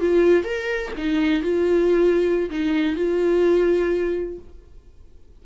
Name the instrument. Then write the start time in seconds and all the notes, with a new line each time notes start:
viola
0.00 F4
0.44 A#4
0.97 D#4
1.42 F4
2.50 D#4
2.96 F4